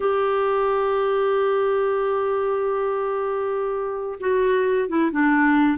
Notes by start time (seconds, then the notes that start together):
0.00 G4
4.20 F#4
4.88 E4
5.11 D4